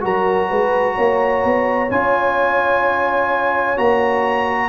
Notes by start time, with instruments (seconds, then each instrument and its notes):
0.00 tuba F#3, trombone F#4, horn A#4, trumpet A#5
0.49 tuba G#3, horn B4
0.95 tuba A#3, horn C#5
1.44 tuba B3
1.90 tuba C#4, trombone F4, trumpet G#5
3.76 tuba A#3, trombone F#4, trumpet A#5